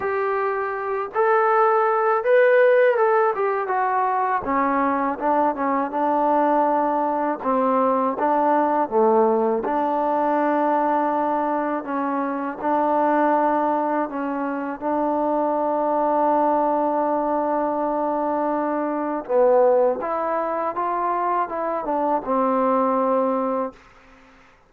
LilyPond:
\new Staff \with { instrumentName = "trombone" } { \time 4/4 \tempo 4 = 81 g'4. a'4. b'4 | a'8 g'8 fis'4 cis'4 d'8 cis'8 | d'2 c'4 d'4 | a4 d'2. |
cis'4 d'2 cis'4 | d'1~ | d'2 b4 e'4 | f'4 e'8 d'8 c'2 | }